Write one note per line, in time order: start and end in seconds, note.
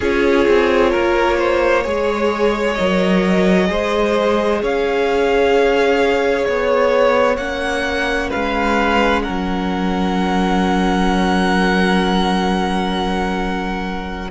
0.00 0.47 C#4
0.00 1.83 F4
0.00 0.90 G#4
0.00 2.74 C#5
0.47 0.94 C4
0.90 1.85 A#3
0.90 1.36 A#4
1.38 1.83 C5
1.83 2.78 G#3
1.83 2.76 G#4
1.83 3.67 C#5
2.74 3.70 F#3
2.74 3.66 A#4
2.74 4.59 D#5
3.66 4.62 G#3
3.66 7.35 G#4
3.66 4.62 C5
4.62 6.47 C#4
4.62 8.29 C#5
4.62 6.44 F5
6.44 7.37 B3
6.44 7.37 C#5
7.37 8.29 A#3
7.37 14.30 C#4
7.37 8.29 F#5
8.29 9.27 G#3
8.29 9.22 B4
8.29 9.22 F5
9.22 14.30 F#3
9.22 14.30 A#4
9.22 14.30 F#5